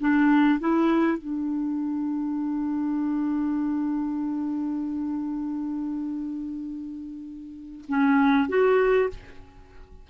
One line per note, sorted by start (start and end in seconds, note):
0.00 0.60 D4
0.60 1.18 E4
1.18 7.85 D4
7.88 8.49 C#4
8.49 9.10 F#4